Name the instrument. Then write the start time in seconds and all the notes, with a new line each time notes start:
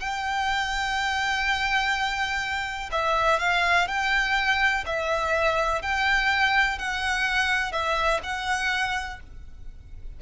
violin
0.00 G5
2.92 E5
3.40 F5
3.88 G5
4.87 E5
5.82 G5
6.79 F#5
7.72 E5
8.24 F#5